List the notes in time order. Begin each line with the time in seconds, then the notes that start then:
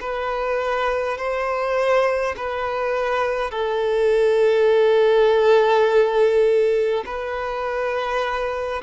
0.00 B4
1.17 C5
2.36 B4
3.51 A4
7.05 B4